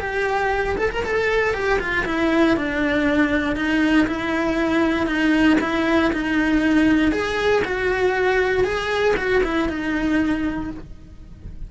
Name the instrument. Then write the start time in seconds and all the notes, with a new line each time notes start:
cello
0.00 G4
0.78 A4
0.91 A#4
1.04 A4
1.54 G4
1.80 F4
2.06 E4
2.57 D4
3.56 D#4
4.07 E4
5.07 D#4
5.61 E4
6.13 D#4
7.12 G#4
7.65 F#4
8.64 G#4
9.17 F#4
9.44 E4
9.69 D#4